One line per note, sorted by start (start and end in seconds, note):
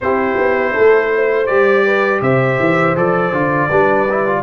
0.01 0.37 C4
0.01 1.47 E4
0.01 0.73 G4
0.01 1.46 C5
0.37 0.74 B3
0.73 1.50 A3
0.73 1.10 A4
1.15 1.85 C5
1.46 2.21 G3
1.46 2.95 G4
1.46 2.20 D5
1.85 2.22 B4
2.21 2.58 C3
2.21 3.70 C5
2.21 2.96 E5
2.59 2.96 E3
2.95 3.32 F3
2.95 3.32 A4
2.95 4.42 D5
3.32 3.69 D3
3.32 3.69 F4
3.70 4.42 G3
3.70 4.08 D4
3.70 4.42 B4
4.09 4.26 E4
4.26 4.42 F4